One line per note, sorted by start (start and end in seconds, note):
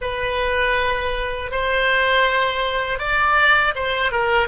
0.01 1.51 B4
1.51 2.98 C5
2.98 3.73 D5
3.75 4.11 C5
4.11 4.48 A#4